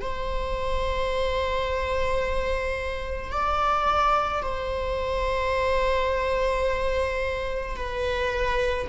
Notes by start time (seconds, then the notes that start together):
0.00 C5
3.31 D5
4.42 C5
7.76 B4